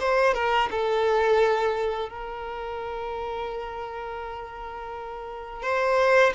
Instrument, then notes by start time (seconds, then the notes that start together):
violin
0.00 C5
0.34 A#4
0.71 A4
2.10 A#4
5.62 C5